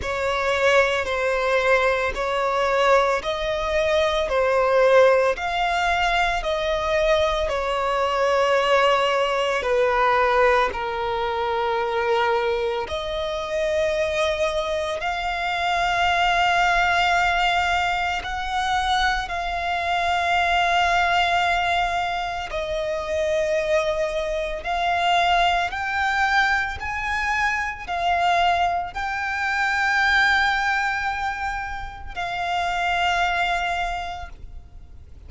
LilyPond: \new Staff \with { instrumentName = "violin" } { \time 4/4 \tempo 4 = 56 cis''4 c''4 cis''4 dis''4 | c''4 f''4 dis''4 cis''4~ | cis''4 b'4 ais'2 | dis''2 f''2~ |
f''4 fis''4 f''2~ | f''4 dis''2 f''4 | g''4 gis''4 f''4 g''4~ | g''2 f''2 | }